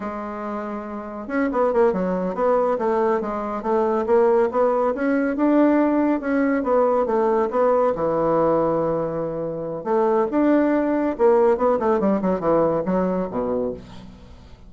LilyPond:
\new Staff \with { instrumentName = "bassoon" } { \time 4/4 \tempo 4 = 140 gis2. cis'8 b8 | ais8 fis4 b4 a4 gis8~ | gis8 a4 ais4 b4 cis'8~ | cis'8 d'2 cis'4 b8~ |
b8 a4 b4 e4.~ | e2. a4 | d'2 ais4 b8 a8 | g8 fis8 e4 fis4 b,4 | }